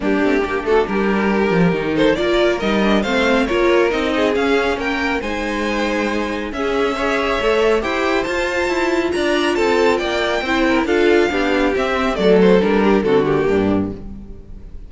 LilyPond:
<<
  \new Staff \with { instrumentName = "violin" } { \time 4/4 \tempo 4 = 138 g'4. a'8 ais'2~ | ais'8 c''8 d''4 dis''4 f''4 | cis''4 dis''4 f''4 g''4 | gis''2. e''4~ |
e''2 g''4 a''4~ | a''4 ais''4 a''4 g''4~ | g''4 f''2 e''4 | d''8 c''8 ais'4 a'8 g'4. | }
  \new Staff \with { instrumentName = "violin" } { \time 4/4 d'4 g'8 fis'8 g'2~ | g'8 a'8 ais'2 c''4 | ais'4. gis'4. ais'4 | c''2. gis'4 |
cis''2 c''2~ | c''4 d''4 a'4 d''4 | c''8 ais'8 a'4 g'2 | a'4. g'8 fis'4 d'4 | }
  \new Staff \with { instrumentName = "viola" } { \time 4/4 ais8 c'8 d'2. | dis'4 f'4 dis'8 d'8 c'4 | f'4 dis'4 cis'2 | dis'2. cis'4 |
gis'4 a'4 g'4 f'4~ | f'1 | e'4 f'4 d'4 c'4 | a4 d'4 c'8 ais4. | }
  \new Staff \with { instrumentName = "cello" } { \time 4/4 g8 a8 ais8 a8 g4. f8 | dis4 ais4 g4 a4 | ais4 c'4 cis'4 ais4 | gis2. cis'4~ |
cis'4 a4 e'4 f'4 | e'4 d'4 c'4 ais4 | c'4 d'4 b4 c'4 | fis4 g4 d4 g,4 | }
>>